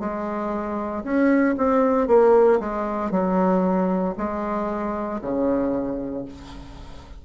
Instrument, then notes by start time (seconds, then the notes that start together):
bassoon
0.00 G#3
1.04 C#4
1.58 C4
2.08 A#3
2.60 G#3
3.12 F#3
4.18 G#3
5.22 C#3